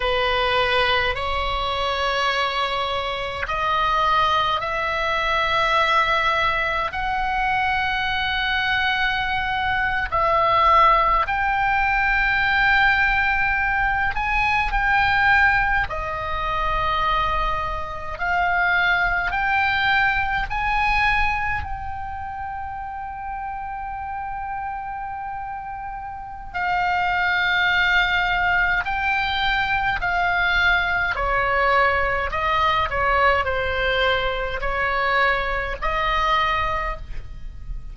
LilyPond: \new Staff \with { instrumentName = "oboe" } { \time 4/4 \tempo 4 = 52 b'4 cis''2 dis''4 | e''2 fis''2~ | fis''8. e''4 g''2~ g''16~ | g''16 gis''8 g''4 dis''2 f''16~ |
f''8. g''4 gis''4 g''4~ g''16~ | g''2. f''4~ | f''4 g''4 f''4 cis''4 | dis''8 cis''8 c''4 cis''4 dis''4 | }